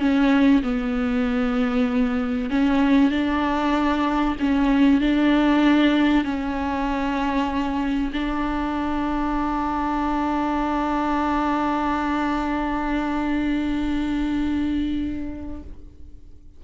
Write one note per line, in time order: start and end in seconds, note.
0.00 0.62 C#4
0.63 2.50 B3
2.50 3.11 C#4
3.11 4.36 D4
4.40 5.01 C#4
5.01 6.24 D4
6.24 8.12 C#4
8.13 15.63 D4